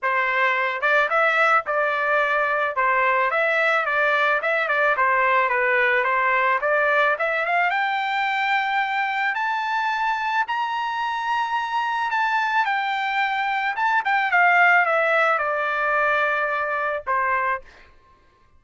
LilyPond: \new Staff \with { instrumentName = "trumpet" } { \time 4/4 \tempo 4 = 109 c''4. d''8 e''4 d''4~ | d''4 c''4 e''4 d''4 | e''8 d''8 c''4 b'4 c''4 | d''4 e''8 f''8 g''2~ |
g''4 a''2 ais''4~ | ais''2 a''4 g''4~ | g''4 a''8 g''8 f''4 e''4 | d''2. c''4 | }